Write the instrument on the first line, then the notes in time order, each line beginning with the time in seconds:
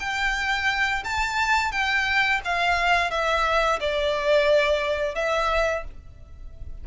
violin
0.00 G5
1.04 A5
1.72 G5
2.45 F5
3.11 E5
3.80 D5
5.15 E5